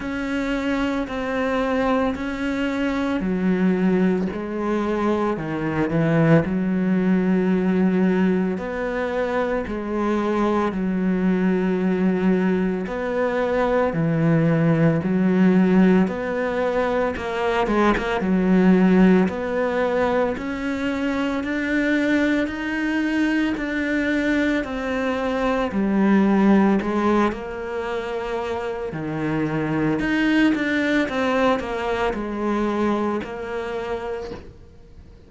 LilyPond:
\new Staff \with { instrumentName = "cello" } { \time 4/4 \tempo 4 = 56 cis'4 c'4 cis'4 fis4 | gis4 dis8 e8 fis2 | b4 gis4 fis2 | b4 e4 fis4 b4 |
ais8 gis16 ais16 fis4 b4 cis'4 | d'4 dis'4 d'4 c'4 | g4 gis8 ais4. dis4 | dis'8 d'8 c'8 ais8 gis4 ais4 | }